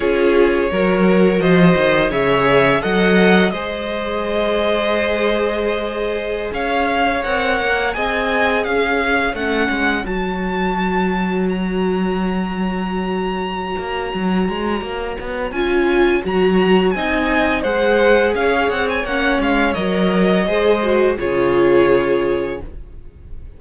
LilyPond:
<<
  \new Staff \with { instrumentName = "violin" } { \time 4/4 \tempo 4 = 85 cis''2 dis''4 e''4 | fis''4 dis''2.~ | dis''4~ dis''16 f''4 fis''4 gis''8.~ | gis''16 f''4 fis''4 a''4.~ a''16~ |
a''16 ais''2.~ ais''8.~ | ais''2 gis''4 ais''4 | gis''4 fis''4 f''8 fis''16 gis''16 fis''8 f''8 | dis''2 cis''2 | }
  \new Staff \with { instrumentName = "violin" } { \time 4/4 gis'4 ais'4 c''4 cis''4 | dis''4 c''2.~ | c''4~ c''16 cis''2 dis''8.~ | dis''16 cis''2.~ cis''8.~ |
cis''1~ | cis''1 | dis''4 c''4 cis''2~ | cis''4 c''4 gis'2 | }
  \new Staff \with { instrumentName = "viola" } { \time 4/4 f'4 fis'2 gis'4 | a'4 gis'2.~ | gis'2~ gis'16 ais'4 gis'8.~ | gis'4~ gis'16 cis'4 fis'4.~ fis'16~ |
fis'1~ | fis'2 f'4 fis'4 | dis'4 gis'2 cis'4 | ais'4 gis'8 fis'8 f'2 | }
  \new Staff \with { instrumentName = "cello" } { \time 4/4 cis'4 fis4 f8 dis8 cis4 | fis4 gis2.~ | gis4~ gis16 cis'4 c'8 ais8 c'8.~ | c'16 cis'4 a8 gis8 fis4.~ fis16~ |
fis2.~ fis8 ais8 | fis8 gis8 ais8 b8 cis'4 fis4 | c'4 gis4 cis'8 c'8 ais8 gis8 | fis4 gis4 cis2 | }
>>